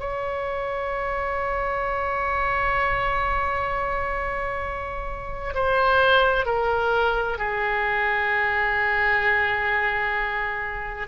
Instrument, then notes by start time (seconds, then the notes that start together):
oboe
0.00 C#5
5.55 C5
6.46 A#4
7.38 G#4